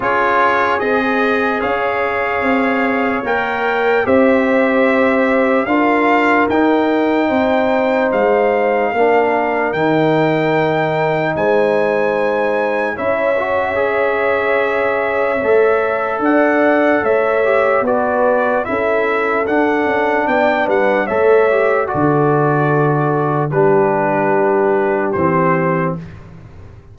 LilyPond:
<<
  \new Staff \with { instrumentName = "trumpet" } { \time 4/4 \tempo 4 = 74 cis''4 dis''4 f''2 | g''4 e''2 f''4 | g''2 f''2 | g''2 gis''2 |
e''1 | fis''4 e''4 d''4 e''4 | fis''4 g''8 fis''8 e''4 d''4~ | d''4 b'2 c''4 | }
  \new Staff \with { instrumentName = "horn" } { \time 4/4 gis'2 cis''2~ | cis''4 c''2 ais'4~ | ais'4 c''2 ais'4~ | ais'2 c''2 |
cis''1 | d''4 cis''4 b'4 a'4~ | a'4 d''8 b'8 cis''4 a'4~ | a'4 g'2. | }
  \new Staff \with { instrumentName = "trombone" } { \time 4/4 f'4 gis'2. | ais'4 g'2 f'4 | dis'2. d'4 | dis'1 |
e'8 fis'8 gis'2 a'4~ | a'4. g'8 fis'4 e'4 | d'2 a'8 g'8 fis'4~ | fis'4 d'2 c'4 | }
  \new Staff \with { instrumentName = "tuba" } { \time 4/4 cis'4 c'4 cis'4 c'4 | ais4 c'2 d'4 | dis'4 c'4 gis4 ais4 | dis2 gis2 |
cis'2. a4 | d'4 a4 b4 cis'4 | d'8 cis'8 b8 g8 a4 d4~ | d4 g2 e4 | }
>>